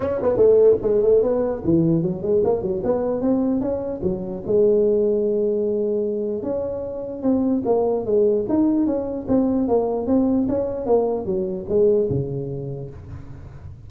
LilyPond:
\new Staff \with { instrumentName = "tuba" } { \time 4/4 \tempo 4 = 149 cis'8 b8 a4 gis8 a8 b4 | e4 fis8 gis8 ais8 fis8 b4 | c'4 cis'4 fis4 gis4~ | gis1 |
cis'2 c'4 ais4 | gis4 dis'4 cis'4 c'4 | ais4 c'4 cis'4 ais4 | fis4 gis4 cis2 | }